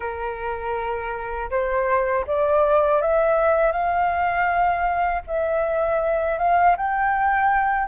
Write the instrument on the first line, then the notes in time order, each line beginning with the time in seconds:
flute
0.00 A#4
1.50 C5
2.27 D5
3.01 E5
3.72 F5
5.27 E5
6.38 F5
6.76 G5